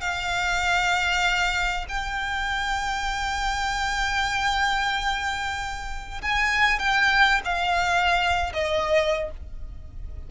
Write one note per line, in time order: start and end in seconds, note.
0.00 1.86 F5
1.88 6.21 G5
6.21 6.79 G#5
6.79 7.41 G5
7.44 8.52 F5
8.53 9.30 D#5